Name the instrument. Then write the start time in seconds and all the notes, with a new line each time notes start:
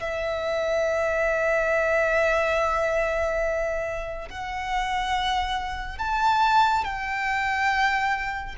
violin
0.00 E5
4.29 F#5
5.98 A5
6.84 G5